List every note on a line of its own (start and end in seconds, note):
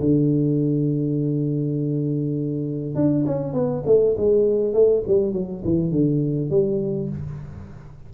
0.00 2.95 D3
2.95 3.25 D4
3.26 3.53 C#4
3.53 3.83 B3
3.86 4.16 A3
4.17 4.73 G#3
4.73 5.03 A3
5.07 5.33 G3
5.33 5.62 F#3
5.64 5.91 E3
5.91 6.50 D3
6.50 7.09 G3